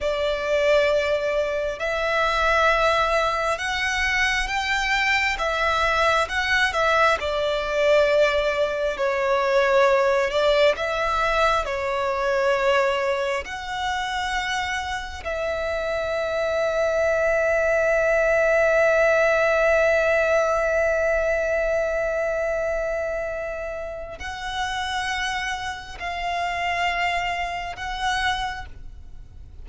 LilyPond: \new Staff \with { instrumentName = "violin" } { \time 4/4 \tempo 4 = 67 d''2 e''2 | fis''4 g''4 e''4 fis''8 e''8 | d''2 cis''4. d''8 | e''4 cis''2 fis''4~ |
fis''4 e''2.~ | e''1~ | e''2. fis''4~ | fis''4 f''2 fis''4 | }